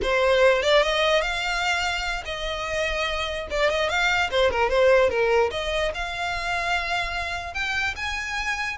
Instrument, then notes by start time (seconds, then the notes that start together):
violin
0.02 C5
0.62 D5
0.83 D#5
1.21 F5
2.25 D#5
3.50 D5
3.70 D#5
3.89 F5
4.30 C5
4.50 A#4
4.69 C5
5.09 A#4
5.51 D#5
5.94 F5
7.54 G5
7.96 G#5